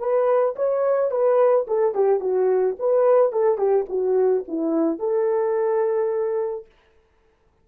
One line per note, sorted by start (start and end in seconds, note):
0.00 0.56 B4
0.56 1.11 C#5
1.11 1.67 B4
1.68 1.95 A4
1.95 2.20 G4
2.20 2.76 F#4
2.80 3.33 B4
3.33 3.58 A4
3.58 3.86 G4
3.89 4.45 F#4
4.48 4.99 E4
4.99 6.66 A4